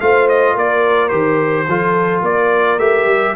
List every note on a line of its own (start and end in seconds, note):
0.00 0.56 A3
0.00 1.10 F4
0.00 0.54 C5
0.00 0.28 F5
0.29 0.57 D#5
0.54 1.12 A#3
0.54 1.66 A#4
0.54 1.09 D5
1.09 1.68 D#3
1.09 1.66 G4
1.09 2.21 C5
1.68 2.21 F3
1.68 2.79 F4
1.68 2.24 A4
2.21 2.78 A#3
2.21 3.35 A#4
2.21 2.79 D5
2.78 3.06 A3
2.78 3.35 G4
2.78 3.35 E5
3.06 3.34 G3